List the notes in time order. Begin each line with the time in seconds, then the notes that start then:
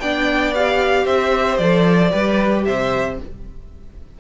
0.00 B3 D4 D5 G5
0.55 G4 F5
1.05 C4 C5 E5
1.58 F3 A4 D5
2.10 G3 G4 B4
2.65 C3 C5 E5